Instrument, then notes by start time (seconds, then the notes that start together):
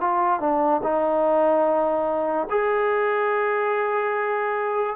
trombone
0.00 F4
0.40 D4
0.83 D#4
2.50 G#4